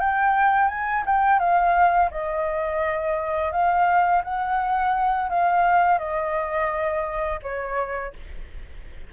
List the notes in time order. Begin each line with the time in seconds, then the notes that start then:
0.00 G5
0.68 G#5
1.06 G5
1.39 F5
2.10 D#5
3.52 F5
4.24 F#5
5.29 F5
5.98 D#5
7.42 C#5